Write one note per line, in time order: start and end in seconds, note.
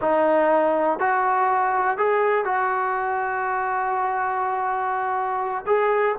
0.01 0.99 D#4
0.99 1.97 F#4
1.97 2.45 G#4
2.45 5.64 F#4
5.66 6.15 G#4